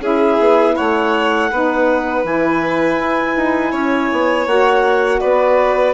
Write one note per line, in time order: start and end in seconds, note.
0.00 0.37 C#4
0.00 1.49 E4
0.00 0.75 G#4
0.00 0.75 E5
0.39 0.76 B3
0.75 1.51 A3
0.75 1.50 C#5
0.75 2.23 F#5
1.51 2.24 B3
1.51 2.25 D#4
1.51 3.71 B4
2.24 2.98 E3
2.24 4.47 E4
2.24 4.47 G#5
2.98 3.35 E4
3.36 3.72 D#4
3.71 4.09 C#4
3.71 5.19 C#5
4.12 4.46 B3
4.46 5.20 A#3
4.46 5.94 F#4
4.46 5.20 F#5
5.20 5.94 B3
5.20 5.94 B4
5.20 5.94 D5